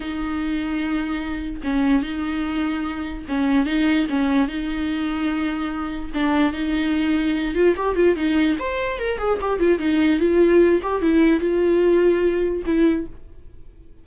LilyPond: \new Staff \with { instrumentName = "viola" } { \time 4/4 \tempo 4 = 147 dis'1 | cis'4 dis'2. | cis'4 dis'4 cis'4 dis'4~ | dis'2. d'4 |
dis'2~ dis'8 f'8 g'8 f'8 | dis'4 c''4 ais'8 gis'8 g'8 f'8 | dis'4 f'4. g'8 e'4 | f'2. e'4 | }